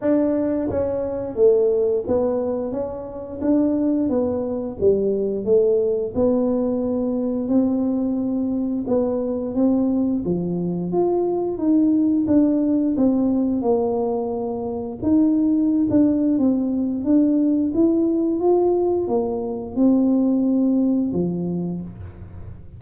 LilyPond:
\new Staff \with { instrumentName = "tuba" } { \time 4/4 \tempo 4 = 88 d'4 cis'4 a4 b4 | cis'4 d'4 b4 g4 | a4 b2 c'4~ | c'4 b4 c'4 f4 |
f'4 dis'4 d'4 c'4 | ais2 dis'4~ dis'16 d'8. | c'4 d'4 e'4 f'4 | ais4 c'2 f4 | }